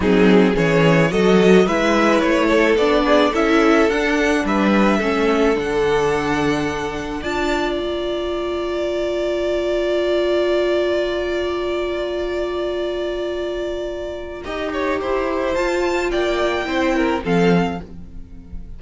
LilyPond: <<
  \new Staff \with { instrumentName = "violin" } { \time 4/4 \tempo 4 = 108 gis'4 cis''4 dis''4 e''4 | cis''4 d''4 e''4 fis''4 | e''2 fis''2~ | fis''4 a''4 ais''2~ |
ais''1~ | ais''1~ | ais''1 | a''4 g''2 f''4 | }
  \new Staff \with { instrumentName = "violin" } { \time 4/4 dis'4 gis'4 a'4 b'4~ | b'8 a'4 gis'8 a'2 | b'4 a'2.~ | a'4 d''2.~ |
d''1~ | d''1~ | d''2 dis''8 cis''8 c''4~ | c''4 d''4 c''8 ais'8 a'4 | }
  \new Staff \with { instrumentName = "viola" } { \time 4/4 c'4 cis'4 fis'4 e'4~ | e'4 d'4 e'4 d'4~ | d'4 cis'4 d'2~ | d'4 f'2.~ |
f'1~ | f'1~ | f'2 g'2 | f'2 e'4 c'4 | }
  \new Staff \with { instrumentName = "cello" } { \time 4/4 fis4 e4 fis4 gis4 | a4 b4 cis'4 d'4 | g4 a4 d2~ | d4 d'4 ais2~ |
ais1~ | ais1~ | ais2 dis'4 e'4 | f'4 ais4 c'4 f4 | }
>>